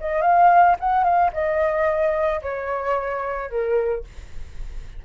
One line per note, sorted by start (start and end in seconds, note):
0.00 0.21 D#5
0.21 0.75 F5
0.80 1.03 F#5
1.03 1.30 F5
1.33 2.41 D#5
2.42 3.49 C#5
3.49 4.03 A#4